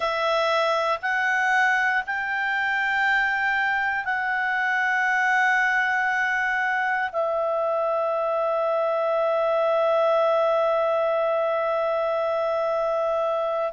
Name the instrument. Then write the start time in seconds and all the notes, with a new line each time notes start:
clarinet
0.00 E5
1.02 F#5
2.06 G5
4.04 F#5
7.12 E5